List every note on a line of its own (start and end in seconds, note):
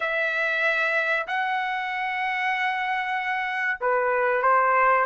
0.00 1.26 E5
1.27 3.80 F#5
3.81 4.42 B4
4.42 5.05 C5